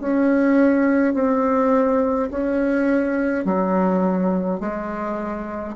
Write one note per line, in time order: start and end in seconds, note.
0.00 1.14 C#4
1.14 2.29 C4
2.30 3.45 C#4
3.45 4.60 F#3
4.60 5.75 G#3